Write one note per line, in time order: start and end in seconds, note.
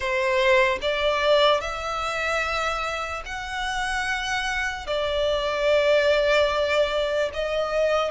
0.00 0.79 C5
0.81 1.60 D5
1.60 3.22 E5
3.25 4.86 F#5
4.86 7.30 D5
7.33 8.10 D#5